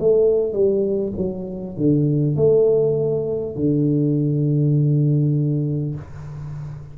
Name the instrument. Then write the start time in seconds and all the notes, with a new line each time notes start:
tuba
0.00 A3
0.53 G3
1.17 F#3
1.77 D3
2.37 A3
3.56 D3